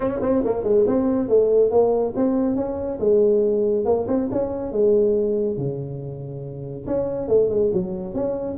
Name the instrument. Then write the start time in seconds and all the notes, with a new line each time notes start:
tuba
0.00 C#4
0.21 C4
0.44 A#3
0.63 G#3
0.86 C4
1.28 A3
1.70 A#3
2.16 C4
2.55 C#4
2.99 G#3
3.85 A#3
4.07 C4
4.31 C#4
4.71 G#3
5.57 C#3
6.86 C#4
7.28 A3
7.49 G#3
7.73 F#3
8.14 C#4